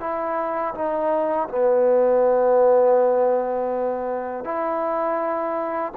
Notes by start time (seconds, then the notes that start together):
0.00 E4
0.74 D#4
1.49 B3
4.44 E4